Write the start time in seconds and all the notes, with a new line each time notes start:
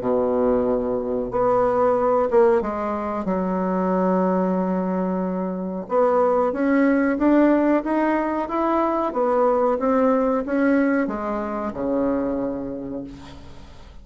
0.00 B2
1.31 B3
2.30 A#3
2.61 G#3
3.25 F#3
5.88 B3
6.52 C#4
7.18 D4
7.83 D#4
8.48 E4
9.13 B3
9.79 C4
10.45 C#4
11.07 G#3
11.73 C#3